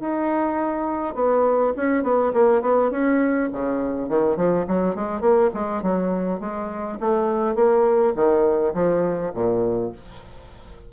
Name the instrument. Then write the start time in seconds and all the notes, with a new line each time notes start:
bassoon
0.00 D#4
1.15 B3
1.76 C#4
2.03 B3
2.33 A#3
2.62 B3
2.91 C#4
3.52 C#3
4.09 D#3
4.37 F3
4.68 F#3
4.95 G#3
5.21 A#3
5.54 G#3
5.83 F#3
6.40 G#3
7.00 A3
7.55 A#3
8.16 D#3
8.74 F3
9.34 A#2